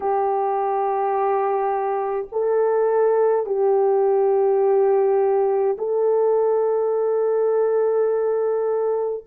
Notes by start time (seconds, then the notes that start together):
0.00 G4
2.32 A4
3.46 G4
5.77 A4